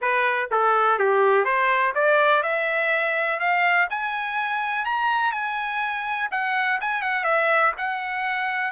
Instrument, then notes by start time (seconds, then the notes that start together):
trumpet
0.01 B4
0.51 A4
0.99 G4
1.45 C5
1.95 D5
2.42 E5
3.39 F5
3.90 G#5
4.85 A#5
5.31 G#5
6.31 F#5
6.80 G#5
7.01 F#5
7.24 E5
7.77 F#5